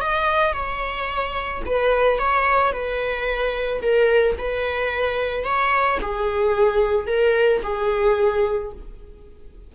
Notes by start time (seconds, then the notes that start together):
0.00 D#5
0.53 C#5
1.66 B4
2.18 C#5
2.72 B4
3.82 A#4
4.38 B4
5.44 C#5
6.01 G#4
7.07 A#4
7.63 G#4